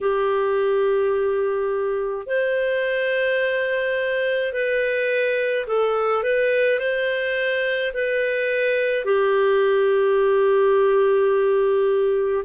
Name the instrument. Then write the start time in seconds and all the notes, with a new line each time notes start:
clarinet
0.00 G4
2.26 C5
4.52 B4
5.67 A4
6.23 B4
6.79 C5
7.93 B4
9.05 G4